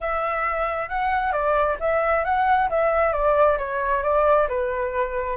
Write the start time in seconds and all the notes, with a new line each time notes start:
0.01 E5
0.88 F#5
1.32 D5
1.80 E5
2.24 F#5
2.69 E5
3.12 D5
3.58 C#5
4.02 D5
4.48 B4